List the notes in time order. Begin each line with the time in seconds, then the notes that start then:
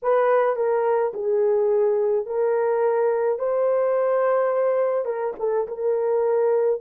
0.02 B4
0.56 A#4
1.13 G#4
2.25 A#4
3.39 C5
5.05 A#4
5.39 A4
5.67 A#4